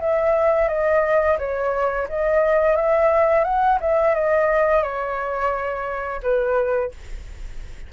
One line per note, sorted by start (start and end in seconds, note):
0.00 0.68 E5
0.68 1.37 D#5
1.39 2.08 C#5
2.09 2.76 D#5
2.76 3.44 E5
3.44 3.79 F#5
3.81 4.14 E5
4.14 4.83 D#5
4.83 6.21 C#5
6.23 6.92 B4